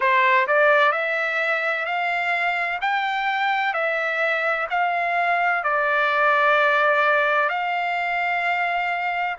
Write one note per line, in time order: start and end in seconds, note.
0.00 0.46 C5
0.47 0.92 D5
0.92 1.85 E5
1.85 2.79 F5
2.81 3.73 G5
3.73 4.67 E5
4.70 5.63 F5
5.63 7.49 D5
7.49 9.36 F5